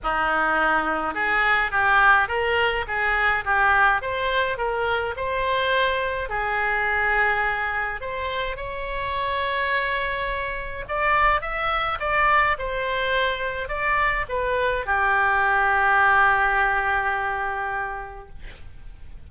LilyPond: \new Staff \with { instrumentName = "oboe" } { \time 4/4 \tempo 4 = 105 dis'2 gis'4 g'4 | ais'4 gis'4 g'4 c''4 | ais'4 c''2 gis'4~ | gis'2 c''4 cis''4~ |
cis''2. d''4 | e''4 d''4 c''2 | d''4 b'4 g'2~ | g'1 | }